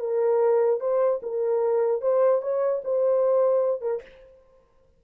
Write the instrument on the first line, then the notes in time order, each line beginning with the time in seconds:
horn
0.00 A#4
0.80 C5
1.23 A#4
2.02 C5
2.42 C#5
2.84 C5
3.81 A#4